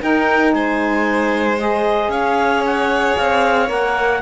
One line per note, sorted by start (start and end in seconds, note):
0.00 1.58 D#4
0.00 0.53 D#4
0.00 0.54 A#4
0.00 0.54 G5
0.53 2.08 G#3
0.53 2.11 C5
0.53 1.59 G#5
1.58 3.67 G#4
1.58 2.11 D#5
2.08 3.13 C#4
2.08 4.21 C#5
2.08 2.64 F5
2.66 3.17 F#5
3.17 3.70 C4
3.17 3.70 F5
3.67 4.22 A#3
3.67 4.19 A#4
3.67 4.22 F#5